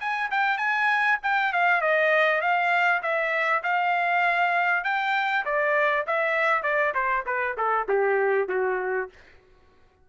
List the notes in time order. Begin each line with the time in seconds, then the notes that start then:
0.00 G#5
0.31 G5
0.58 G#5
1.23 G5
1.53 F5
1.81 D#5
2.41 F5
3.02 E5
3.63 F5
4.84 G5
5.45 D5
6.07 E5
6.63 D5
6.95 C5
7.26 B4
7.57 A4
7.88 G4
8.49 F#4